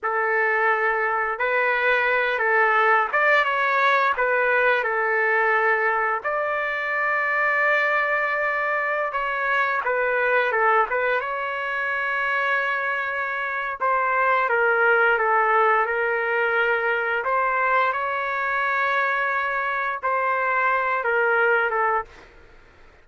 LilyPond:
\new Staff \with { instrumentName = "trumpet" } { \time 4/4 \tempo 4 = 87 a'2 b'4. a'8~ | a'8 d''8 cis''4 b'4 a'4~ | a'4 d''2.~ | d''4~ d''16 cis''4 b'4 a'8 b'16~ |
b'16 cis''2.~ cis''8. | c''4 ais'4 a'4 ais'4~ | ais'4 c''4 cis''2~ | cis''4 c''4. ais'4 a'8 | }